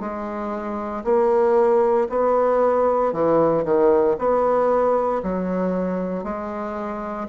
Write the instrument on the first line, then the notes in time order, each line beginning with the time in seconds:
bassoon
0.00 G#3
1.04 A#3
2.09 B3
3.12 E3
3.64 D#3
4.18 B3
5.23 F#3
6.24 G#3